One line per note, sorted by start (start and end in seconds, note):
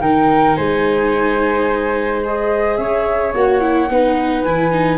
0.00 0.56 D#3
0.00 2.23 D#4
0.00 0.57 A#4
0.00 0.55 G5
0.55 2.78 G#3
0.55 2.79 C5
0.55 2.22 G#5
2.24 3.35 G#4
2.24 2.76 D#5
2.76 3.33 C#4
2.76 3.90 C#5
2.76 3.32 E5
3.34 3.89 A#3
3.34 3.60 F#4
3.34 4.43 F#5
3.60 3.88 E4
3.89 4.44 B3
3.89 4.46 D#4
3.89 4.98 B4
4.43 4.98 E3
4.43 4.72 E4
4.43 4.98 G#5
4.72 4.98 D#4